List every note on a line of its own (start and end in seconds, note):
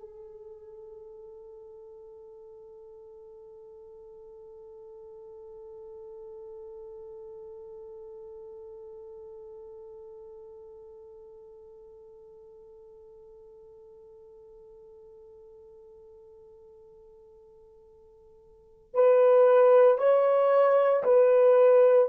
0.00 18.94 A4
18.94 19.98 B4
19.98 21.03 C#5
21.04 22.10 B4